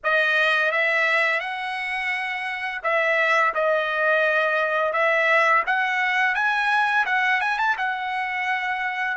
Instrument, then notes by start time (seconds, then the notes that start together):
trumpet
0.03 D#5
0.71 E5
1.40 F#5
2.83 E5
3.54 D#5
4.92 E5
5.66 F#5
6.34 G#5
7.05 F#5
7.41 G#5
7.58 A5
7.77 F#5